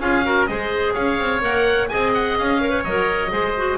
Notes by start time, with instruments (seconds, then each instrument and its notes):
0.00 double bass C#4, clarinet F4, oboe G#4 F5
0.24 clarinet F#4, oboe A#4
0.46 double bass G#3, clarinet G#4, oboe C5 D#5
0.94 double bass C#4, oboe C#5 F5
1.19 double bass C4
1.41 double bass A#3, clarinet A#4, oboe F#5
1.88 double bass C4, clarinet G#4, oboe D#5 G#5
2.14 oboe F#5
2.38 double bass C#4, oboe F5
2.61 clarinet A#4, oboe C#5
2.70 clarinet B4
2.84 double bass F#3, clarinet A#4, oboe D#5
3.30 double bass G#3, clarinet G#4, oboe C5
3.57 clarinet F#4